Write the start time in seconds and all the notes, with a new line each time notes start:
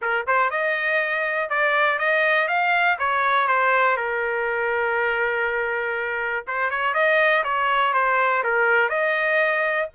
0.01 A#4
0.27 C5
0.50 D#5
1.49 D5
1.98 D#5
2.48 F5
2.98 C#5
3.47 C5
3.96 A#4
6.47 C5
6.70 C#5
6.94 D#5
7.44 C#5
7.93 C5
8.43 A#4
8.89 D#5